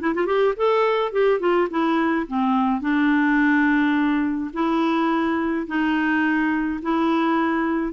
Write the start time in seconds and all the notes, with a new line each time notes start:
0.00 E4
0.14 F4
0.26 G4
0.56 A4
1.12 G4
1.39 F4
1.70 E4
2.27 C4
2.81 D4
4.53 E4
5.67 D#4
6.82 E4